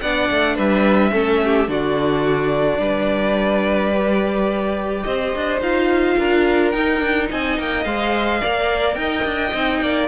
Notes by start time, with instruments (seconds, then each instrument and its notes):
0.00 cello B3, viola D4, violin D5 F#5
0.30 cello A3
0.55 cello G3, violin B4 E5
1.10 cello A3, viola C#4, violin A4
1.44 violin G4
1.67 cello D3, viola D4, violin F#4 D5
2.79 cello G3, violin B4
3.96 viola G4
5.03 cello C4, violin C5 D#5
5.35 cello D4
5.60 cello D#4, viola F4, violin F5
6.18 cello D4, violin A#4
6.70 viola D#4, cello D#4, violin G5
7.00 cello D4
7.29 cello C4, violin D#5 G#5
7.58 cello A#3, violin G5
7.84 cello G#3, viola C5, violin F5
8.40 cello A#3, viola A#4, violin D5
8.94 cello D#4, violin D#5 G5
9.24 cello D4
9.53 cello C4, viola D#4
9.81 cello A#3, violin D5